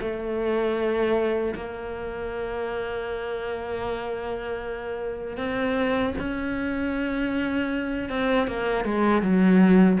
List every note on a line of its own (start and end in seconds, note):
0.00 1.54 A3
1.55 5.37 A#3
5.37 6.14 C4
6.18 8.09 C#4
8.09 8.47 C4
8.47 8.84 A#3
8.84 9.22 G#3
9.22 9.99 F#3